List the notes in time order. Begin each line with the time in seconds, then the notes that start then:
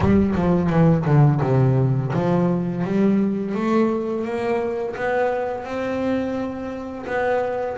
0.00 G3
0.35 F3
0.70 E3
1.05 D3
1.41 C3
2.13 F3
2.84 G3
3.54 A3
4.24 A#3
4.96 B3
5.64 C4
7.06 B3